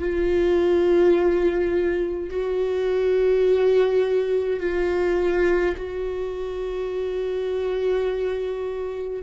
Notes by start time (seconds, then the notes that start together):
0.00 F4
2.30 F#4
4.60 F4
5.77 F#4